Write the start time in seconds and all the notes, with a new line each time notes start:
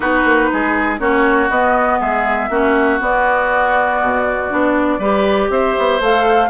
0.00 B3 D#4 F#4 B4
0.24 A#3
0.53 G#3 G#4
0.99 A#3 C#4 F#4 C#5
1.49 B3 D#5
1.99 G#3 G#4 E5
2.49 A#3 C#4 F#4
2.99 B3 D5
4.01 B2
4.49 B3 D4
4.98 G3 G4 B4
5.49 C4 C5 E5
5.78 B3
6.00 A3 A4 F5